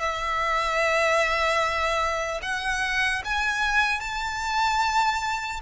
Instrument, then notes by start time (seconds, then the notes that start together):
violin
0.00 E5
2.42 F#5
3.24 G#5
4.00 A5